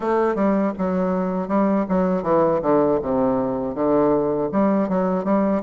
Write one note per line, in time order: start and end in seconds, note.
0.00 0.35 A3
0.35 0.72 G3
0.78 1.48 F#3
1.48 1.85 G3
1.89 2.23 F#3
2.23 2.60 E3
2.61 2.99 D3
3.01 3.74 C3
3.74 4.49 D3
4.51 4.88 G3
4.88 5.24 F#3
5.24 5.61 G3